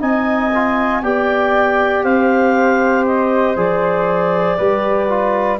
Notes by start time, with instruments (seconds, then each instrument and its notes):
0.00 tuba C4, trombone D#4, flute D#5, clarinet G#5
0.55 trombone F4
1.03 tuba B3, trombone G4, flute D5, clarinet G5
2.04 tuba C4, flute C5, clarinet F5
3.06 clarinet D#5
3.56 tuba F3, trombone G#4, clarinet D5
4.57 tuba G3, trombone G4, flute B4
5.09 trombone F4